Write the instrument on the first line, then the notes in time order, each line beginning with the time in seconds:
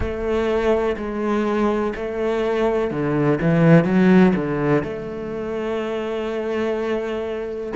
cello
0.00 A3
0.96 G#3
1.95 A3
2.90 D3
3.41 E3
3.84 F#3
4.35 D3
4.83 A3